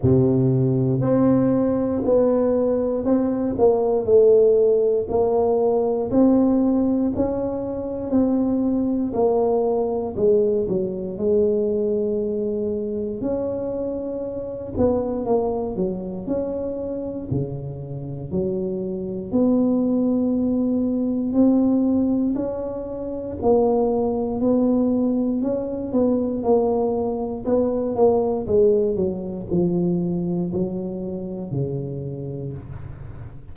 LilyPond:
\new Staff \with { instrumentName = "tuba" } { \time 4/4 \tempo 4 = 59 c4 c'4 b4 c'8 ais8 | a4 ais4 c'4 cis'4 | c'4 ais4 gis8 fis8 gis4~ | gis4 cis'4. b8 ais8 fis8 |
cis'4 cis4 fis4 b4~ | b4 c'4 cis'4 ais4 | b4 cis'8 b8 ais4 b8 ais8 | gis8 fis8 f4 fis4 cis4 | }